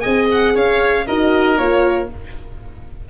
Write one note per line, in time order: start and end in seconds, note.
0.00 0.56 C4
0.00 1.04 G#4
0.00 0.53 D#5
0.00 0.26 G#5
0.31 0.57 F#5
0.54 1.07 C#4
0.54 1.06 C#5
0.54 1.07 F5
1.07 1.58 D#4
1.07 1.58 F#4
1.07 2.09 A#4
1.07 1.57 D#5
1.57 2.09 A#3
1.57 2.10 F4
1.57 2.09 C#5